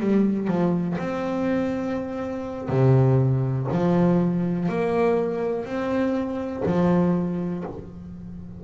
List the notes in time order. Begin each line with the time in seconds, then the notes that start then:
0.00 G3
0.47 F3
0.98 C4
2.69 C3
3.72 F3
4.69 A#3
5.65 C4
6.66 F3